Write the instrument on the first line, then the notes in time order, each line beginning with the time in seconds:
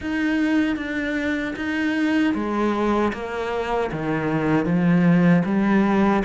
cello
0.00 D#4
0.76 D4
1.56 D#4
2.34 G#3
3.13 A#3
3.92 D#3
4.65 F3
5.45 G3